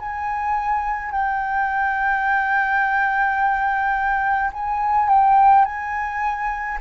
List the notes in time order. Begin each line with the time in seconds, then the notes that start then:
0.00 G#5
1.12 G5
4.53 G#5
5.09 G5
5.65 G#5